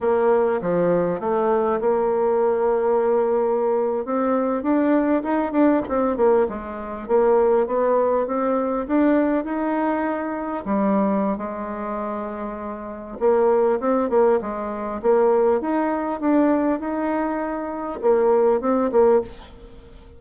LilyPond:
\new Staff \with { instrumentName = "bassoon" } { \time 4/4 \tempo 4 = 100 ais4 f4 a4 ais4~ | ais2~ ais8. c'4 d'16~ | d'8. dis'8 d'8 c'8 ais8 gis4 ais16~ | ais8. b4 c'4 d'4 dis'16~ |
dis'4.~ dis'16 g4~ g16 gis4~ | gis2 ais4 c'8 ais8 | gis4 ais4 dis'4 d'4 | dis'2 ais4 c'8 ais8 | }